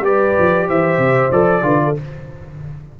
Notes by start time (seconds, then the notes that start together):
0.00 G3 G4 B4 D5
0.39 F3
0.66 E3 C5 E5
0.98 C3
1.32 F3 A4 D5
1.62 D3 F4 B4
1.84 A4